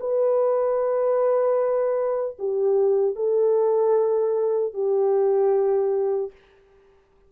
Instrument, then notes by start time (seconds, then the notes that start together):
horn
0.00 B4
2.39 G4
3.16 A4
4.74 G4